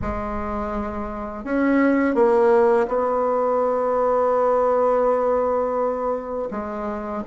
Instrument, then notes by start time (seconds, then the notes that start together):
bassoon
0.01 G#3
1.44 C#4
2.14 A#3
2.87 B3
6.51 G#3